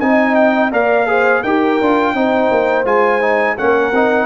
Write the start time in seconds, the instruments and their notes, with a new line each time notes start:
0.00 tuba C4, trombone D#4, horn D#5, trumpet G#5
0.35 trumpet G5
0.71 tuba A#3, trombone A#4, horn D5, trumpet F5
1.07 trombone G#4, horn C5
1.42 tuba D#4, trombone G4, horn A#4, trumpet G5
1.81 tuba D4, trombone F4
2.14 tuba C4, trombone D#4, horn C5
2.51 tuba A#3
2.84 tuba G#3, trombone F4, trumpet G#5
3.21 trombone D#4
3.57 tuba A#3, trombone C#4, horn A#4, trumpet F#5
3.92 tuba C4, trombone D#4